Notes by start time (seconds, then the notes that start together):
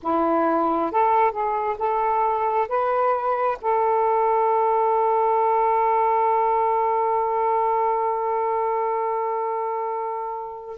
0.02 E4
0.91 A4
1.31 G#4
1.78 A4
2.68 B4
3.61 A4